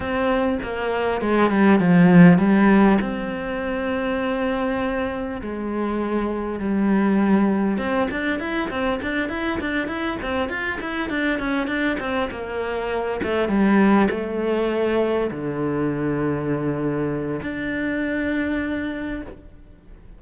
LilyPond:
\new Staff \with { instrumentName = "cello" } { \time 4/4 \tempo 4 = 100 c'4 ais4 gis8 g8 f4 | g4 c'2.~ | c'4 gis2 g4~ | g4 c'8 d'8 e'8 c'8 d'8 e'8 |
d'8 e'8 c'8 f'8 e'8 d'8 cis'8 d'8 | c'8 ais4. a8 g4 a8~ | a4. d2~ d8~ | d4 d'2. | }